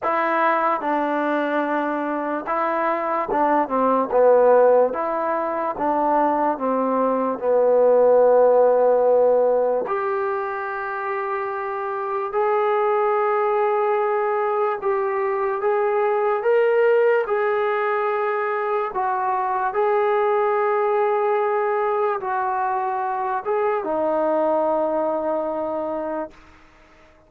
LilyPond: \new Staff \with { instrumentName = "trombone" } { \time 4/4 \tempo 4 = 73 e'4 d'2 e'4 | d'8 c'8 b4 e'4 d'4 | c'4 b2. | g'2. gis'4~ |
gis'2 g'4 gis'4 | ais'4 gis'2 fis'4 | gis'2. fis'4~ | fis'8 gis'8 dis'2. | }